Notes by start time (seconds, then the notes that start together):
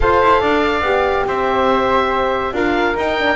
0.00 F4 A4 C5 F5
0.22 E4
0.40 D4 D5
0.80 B3 G4
1.26 C4 C5 E5
2.52 D4 F4 A#4 F5
2.95 D#4 G5
3.18 D4